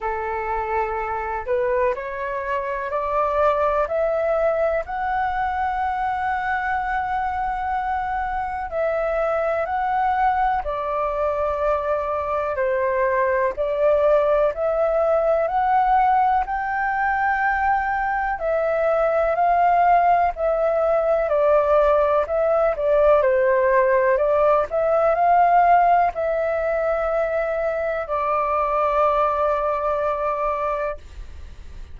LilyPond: \new Staff \with { instrumentName = "flute" } { \time 4/4 \tempo 4 = 62 a'4. b'8 cis''4 d''4 | e''4 fis''2.~ | fis''4 e''4 fis''4 d''4~ | d''4 c''4 d''4 e''4 |
fis''4 g''2 e''4 | f''4 e''4 d''4 e''8 d''8 | c''4 d''8 e''8 f''4 e''4~ | e''4 d''2. | }